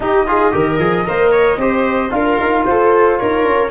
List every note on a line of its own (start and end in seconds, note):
0.00 0.52 D#4
0.00 0.26 D#4
0.00 0.27 G4
0.00 2.11 D#5
0.26 0.51 F4
0.26 0.54 G#4
0.51 0.78 D#3
0.51 0.78 G4
0.51 1.07 A#4
0.78 1.05 F3
0.78 1.05 G#4
1.05 1.57 A#3
1.05 1.58 A#4
1.05 1.31 C5
1.31 1.58 C#5
1.57 2.10 C4
1.57 2.10 G4
1.57 2.14 C5
2.10 2.38 D4
2.10 3.69 F4
2.10 2.68 A#4
2.10 2.64 F5
2.39 2.66 D#4
2.65 3.19 F4
2.65 3.19 A4
2.65 3.17 C5
3.17 3.44 D#4
3.17 3.71 A#4
3.17 3.70 C#5
3.44 3.71 C#4